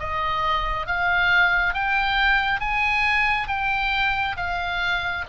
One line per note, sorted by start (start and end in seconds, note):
0.00 0.87 D#5
0.87 1.74 F5
1.74 2.61 G5
2.61 3.49 G#5
3.49 4.37 G5
4.37 5.25 F5